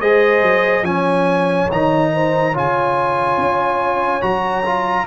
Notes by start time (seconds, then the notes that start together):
0.00 G#3 G#4 C5 D#5
0.42 F#3
0.82 F3 C#4 C#5 G#5
1.71 D#3 D#4 A#5
2.14 C5
2.52 C#3 F4 C#5 G#5
3.37 C#4
4.21 F#3 F#4 A#5
4.65 F4